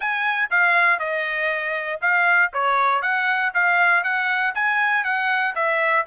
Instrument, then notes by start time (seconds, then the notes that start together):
trumpet
0.00 G#5
0.50 F5
0.99 D#5
2.01 F5
2.53 C#5
3.02 F#5
3.54 F5
4.03 F#5
4.54 G#5
5.04 F#5
5.55 E5